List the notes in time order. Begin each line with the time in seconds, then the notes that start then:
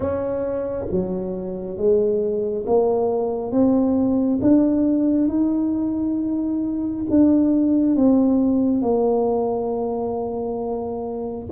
0.00 C#4
0.90 F#3
1.76 G#3
2.66 A#3
3.51 C4
4.41 D4
5.28 D#4
7.09 D4
7.96 C4
8.81 A#3